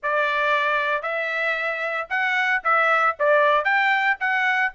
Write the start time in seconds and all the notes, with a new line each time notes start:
0.03 D5
1.02 E5
2.09 F#5
2.63 E5
3.19 D5
3.64 G5
4.20 F#5